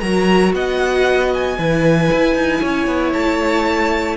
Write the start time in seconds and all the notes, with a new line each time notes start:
0.00 F#3 F#4 A#4 A#5
0.53 B3 D#5 F#5
1.34 G#5
1.58 E3 E4 B4
2.12 E4
2.35 D#4
2.61 C#4 C#5
2.87 B3
3.13 A3 A5